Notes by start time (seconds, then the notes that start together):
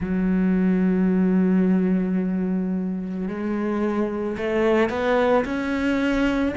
0.00 F#3
3.27 G#3
4.37 A3
4.89 B3
5.44 C#4